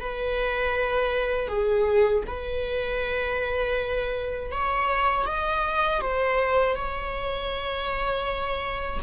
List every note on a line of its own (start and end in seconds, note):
0.00 1.48 B4
1.48 2.23 G#4
2.27 4.51 B4
4.51 5.26 C#5
5.26 6.01 D#5
6.01 6.75 C5
6.75 9.00 C#5